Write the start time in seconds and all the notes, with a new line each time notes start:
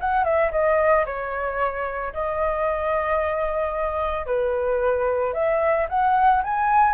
0.00 F#5
0.24 E5
0.51 D#5
1.06 C#5
2.13 D#5
4.26 B4
5.33 E5
5.89 F#5
6.43 G#5